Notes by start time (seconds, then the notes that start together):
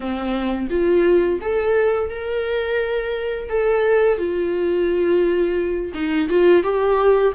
0.00 C4
0.69 F4
1.41 A4
2.10 A#4
3.49 A4
4.17 F4
5.93 D#4
6.29 F4
6.63 G4